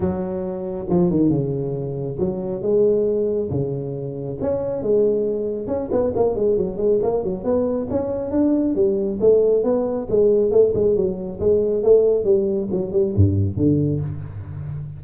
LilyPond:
\new Staff \with { instrumentName = "tuba" } { \time 4/4 \tempo 4 = 137 fis2 f8 dis8 cis4~ | cis4 fis4 gis2 | cis2 cis'4 gis4~ | gis4 cis'8 b8 ais8 gis8 fis8 gis8 |
ais8 fis8 b4 cis'4 d'4 | g4 a4 b4 gis4 | a8 gis8 fis4 gis4 a4 | g4 fis8 g8 g,4 d4 | }